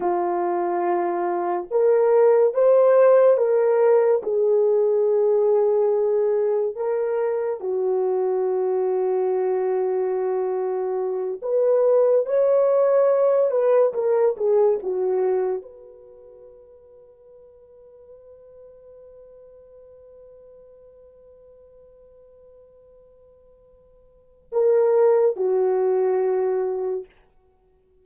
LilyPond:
\new Staff \with { instrumentName = "horn" } { \time 4/4 \tempo 4 = 71 f'2 ais'4 c''4 | ais'4 gis'2. | ais'4 fis'2.~ | fis'4. b'4 cis''4. |
b'8 ais'8 gis'8 fis'4 b'4.~ | b'1~ | b'1~ | b'4 ais'4 fis'2 | }